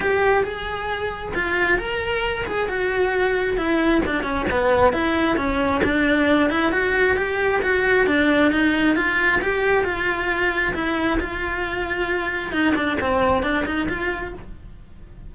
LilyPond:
\new Staff \with { instrumentName = "cello" } { \time 4/4 \tempo 4 = 134 g'4 gis'2 f'4 | ais'4. gis'8 fis'2 | e'4 d'8 cis'8 b4 e'4 | cis'4 d'4. e'8 fis'4 |
g'4 fis'4 d'4 dis'4 | f'4 g'4 f'2 | e'4 f'2. | dis'8 d'8 c'4 d'8 dis'8 f'4 | }